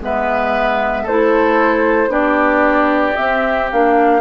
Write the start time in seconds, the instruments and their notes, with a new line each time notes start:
0.00 bassoon G#3, clarinet B3, oboe B4, flute E5
1.03 bassoon A3, clarinet E4, oboe A4, flute C5
2.07 bassoon B3, clarinet D4, oboe G4, flute D5
3.16 clarinet C4, bassoon C4, flute E5
3.71 bassoon A#3, clarinet D4, flute F5